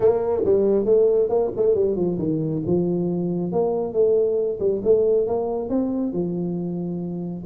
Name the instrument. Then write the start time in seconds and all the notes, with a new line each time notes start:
tuba
0.00 A#3
0.44 G3
0.85 A3
1.29 A#3
1.56 A3
1.75 G3
1.95 F3
2.18 D#3
2.66 F3
3.52 A#3
3.93 A3
4.59 G3
4.84 A3
5.27 A#3
5.69 C4
6.12 F3